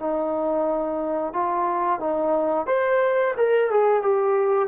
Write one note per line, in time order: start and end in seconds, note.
0.00 1.34 D#4
1.34 2.00 F4
2.00 2.67 D#4
2.67 3.35 C5
3.37 3.71 A#4
3.71 4.03 G#4
4.03 4.69 G4